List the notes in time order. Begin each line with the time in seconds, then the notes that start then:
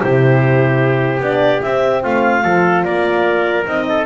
0.00 C3 E4 G4 C5
1.20 B3 D4 D5
1.62 C4 E5
2.03 A3 F4 F5
2.43 F3 F4 A4
2.84 A#3 A#4 D5
3.66 C4 D#4 D#5
3.89 A4